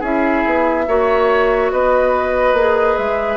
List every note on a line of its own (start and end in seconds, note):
0.00 0.44 C#4
0.00 0.87 E4
0.00 0.85 G#4
0.00 1.71 E5
0.46 0.87 B3
0.87 1.72 A#3
0.87 2.56 F#4
0.87 1.73 C#5
1.71 2.54 B3
1.71 3.37 B4
1.71 2.97 D#5
2.54 2.96 A#3
2.54 3.37 G#4
2.97 3.37 G#3
2.97 3.37 E5